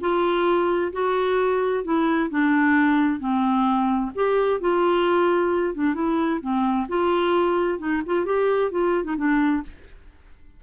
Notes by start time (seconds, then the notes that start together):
0.00 F4
0.92 F#4
1.83 E4
2.30 D4
3.19 C4
4.15 G4
4.60 F4
5.74 D4
5.94 E4
6.41 C4
6.88 F4
7.78 D#4
8.05 F4
8.25 G4
8.71 F4
9.04 D#4
9.17 D4